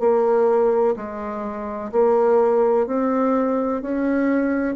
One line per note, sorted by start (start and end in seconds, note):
0.00 0.95 A#3
0.96 1.91 G#3
1.92 2.87 A#3
2.87 3.82 C4
3.82 4.75 C#4